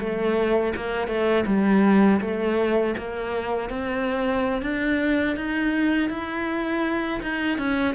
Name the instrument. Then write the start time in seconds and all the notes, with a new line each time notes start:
cello
0.00 A3
0.76 A#3
1.08 A3
1.46 G3
2.21 A3
2.98 A#3
3.70 C4
4.62 D4
5.37 D#4
6.10 E4
7.23 D#4
7.59 C#4